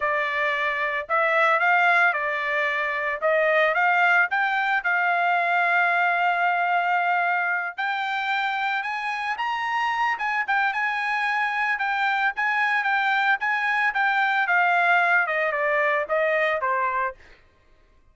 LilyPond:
\new Staff \with { instrumentName = "trumpet" } { \time 4/4 \tempo 4 = 112 d''2 e''4 f''4 | d''2 dis''4 f''4 | g''4 f''2.~ | f''2~ f''8 g''4.~ |
g''8 gis''4 ais''4. gis''8 g''8 | gis''2 g''4 gis''4 | g''4 gis''4 g''4 f''4~ | f''8 dis''8 d''4 dis''4 c''4 | }